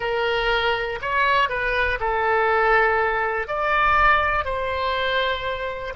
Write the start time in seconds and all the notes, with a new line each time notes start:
0.00 A#4
1.01 C#5
1.49 B4
2.00 A4
3.47 D5
4.44 C5